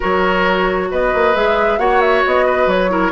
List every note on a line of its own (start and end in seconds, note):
0.00 0.91 F#3
0.00 1.34 F#4
0.00 0.87 A#4
0.00 0.91 C#5
0.91 1.13 B3
0.91 1.79 B4
0.91 1.35 D#5
1.14 1.35 A#3
1.34 1.78 G#3
1.34 1.78 G#4
1.34 1.78 E5
1.78 2.23 A#3
1.78 2.89 F#4
1.78 2.46 C#5
1.78 2.00 F#5
2.00 2.23 E5
2.26 2.66 B3
2.26 2.69 D#5
2.46 2.90 B4
2.66 3.11 F#3
2.66 3.12 C#5
2.89 3.11 E4
2.89 3.12 A#4